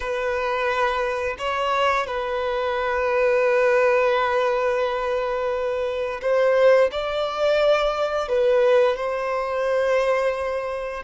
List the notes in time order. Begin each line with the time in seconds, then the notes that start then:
0.00 B4
1.38 C#5
2.07 B4
6.21 C5
6.91 D5
8.28 B4
8.96 C5